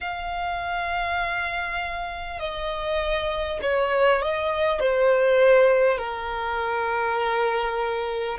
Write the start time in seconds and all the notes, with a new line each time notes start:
0.00 F5
2.39 D#5
3.62 C#5
4.22 D#5
4.80 C5
5.97 A#4